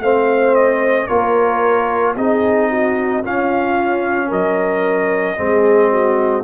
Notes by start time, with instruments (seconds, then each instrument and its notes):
0.00 tuba A3, trombone C4, horn C5, trumpet F5
0.55 trumpet D#5
1.07 tuba A#3, trombone F4, horn A#4, trumpet C#5
2.16 tuba C4, trombone D#4, horn G#4, trumpet D#5
2.70 horn F#4
3.24 tuba C#4, trombone C#4, horn F4, trumpet F5
4.28 tuba F#3, horn A#4, trumpet D#5
5.36 tuba G#3, trombone C4, horn G#4
5.91 horn F#4